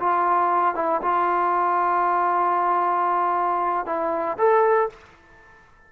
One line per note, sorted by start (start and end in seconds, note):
0.00 0.75 F4
0.75 1.01 E4
1.02 3.86 F4
3.86 4.38 E4
4.38 4.89 A4